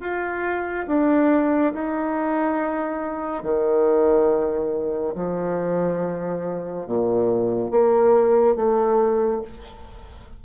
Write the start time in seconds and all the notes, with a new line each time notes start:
0.00 F4
0.87 D4
1.73 D#4
3.43 D#3
5.15 F3
6.86 A#2
7.71 A#3
8.56 A3